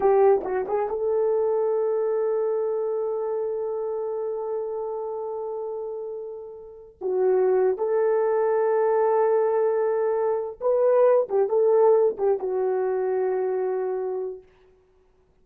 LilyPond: \new Staff \with { instrumentName = "horn" } { \time 4/4 \tempo 4 = 133 g'4 fis'8 gis'8 a'2~ | a'1~ | a'1~ | a'2.~ a'8 fis'8~ |
fis'4~ fis'16 a'2~ a'8.~ | a'2.~ a'8 b'8~ | b'4 g'8 a'4. g'8 fis'8~ | fis'1 | }